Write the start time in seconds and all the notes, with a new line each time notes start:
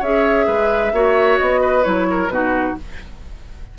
0.00 C#4 G#4 C#5 E5
0.47 G#3 B4
0.93 A#3 F#4 C#5
1.39 B3 D#5
1.61 B4
1.83 F#3 E4 C#5
2.10 A#4
2.28 B2 D#4 F#4 B4